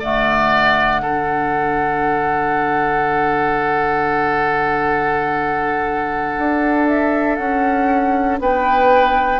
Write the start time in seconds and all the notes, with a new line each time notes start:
0.00 D3 A3 D5 F#5
1.02 D4 A4
6.39 D4
6.88 E5
7.36 C#4 F#5
8.40 B3 B4 G5